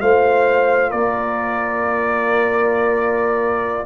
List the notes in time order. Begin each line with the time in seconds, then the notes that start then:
0.00 A3 F4 C5 F5
0.90 A#3 A#4 D5